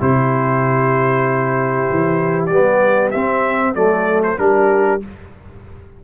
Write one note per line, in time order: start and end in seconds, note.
0.00 1.88 C3
0.00 2.50 E4
0.00 3.74 G4
0.00 2.46 C5
1.90 2.50 E3
2.46 3.12 G3
2.46 3.13 B3
2.46 3.09 D5
3.11 3.76 C4
3.11 3.75 C4
3.11 3.74 E5
3.74 4.38 F#3
3.74 4.38 A3
3.74 4.37 A4
3.74 4.22 D5
4.23 4.38 C5
4.38 5.01 G3
4.38 5.00 D4
4.38 5.04 G4
4.38 5.01 A#4